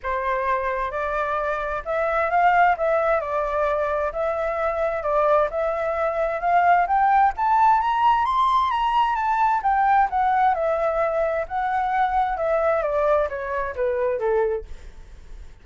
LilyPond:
\new Staff \with { instrumentName = "flute" } { \time 4/4 \tempo 4 = 131 c''2 d''2 | e''4 f''4 e''4 d''4~ | d''4 e''2 d''4 | e''2 f''4 g''4 |
a''4 ais''4 c'''4 ais''4 | a''4 g''4 fis''4 e''4~ | e''4 fis''2 e''4 | d''4 cis''4 b'4 a'4 | }